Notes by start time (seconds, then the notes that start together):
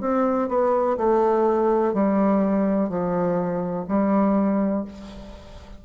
0.00 C4
0.48 B3
0.97 A3
1.93 G3
2.89 F3
3.88 G3